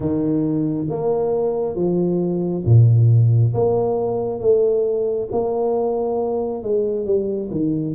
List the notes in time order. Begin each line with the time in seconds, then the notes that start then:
0.00 D#3
0.89 A#3
1.75 F3
2.65 A#2
3.53 A#3
4.40 A3
5.31 A#3
6.63 G#3
7.05 G3
7.50 D#3